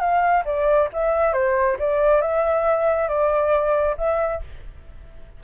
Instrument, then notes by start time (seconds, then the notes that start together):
flute
0.00 F5
0.45 D5
0.93 E5
1.34 C5
1.79 D5
2.22 E5
3.09 D5
3.98 E5